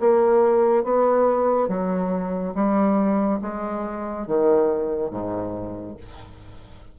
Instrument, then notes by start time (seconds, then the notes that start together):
bassoon
0.00 A#3
0.84 B3
1.68 F#3
2.55 G3
3.42 G#3
4.27 D#3
5.11 G#2